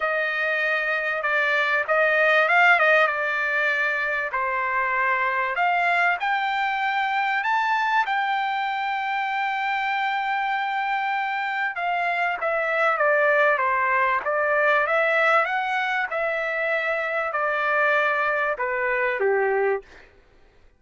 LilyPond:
\new Staff \with { instrumentName = "trumpet" } { \time 4/4 \tempo 4 = 97 dis''2 d''4 dis''4 | f''8 dis''8 d''2 c''4~ | c''4 f''4 g''2 | a''4 g''2.~ |
g''2. f''4 | e''4 d''4 c''4 d''4 | e''4 fis''4 e''2 | d''2 b'4 g'4 | }